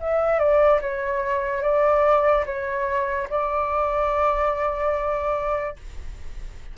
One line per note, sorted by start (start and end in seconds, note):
0.00 0.39 E5
0.39 0.80 D5
0.81 1.62 C#5
1.62 2.44 D5
2.45 3.28 C#5
3.30 5.76 D5